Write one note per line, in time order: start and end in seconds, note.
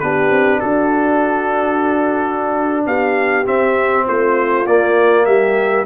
0.00 0.31 B3
0.00 3.46 D4
0.00 0.60 G4
0.00 0.60 B4
0.31 0.61 C4
0.60 2.86 D4
0.60 2.85 F#4
0.60 2.85 A4
2.86 3.46 B3
2.86 4.06 G4
2.86 3.47 F5
3.46 4.66 C4
3.46 4.07 C4
3.46 4.07 E5
4.07 4.67 A3
4.07 5.27 F4
4.07 4.67 C5
4.66 5.86 A#3
4.66 5.26 A#3
4.66 5.25 D5
5.25 5.86 G3
5.25 5.86 G4
5.25 5.85 E5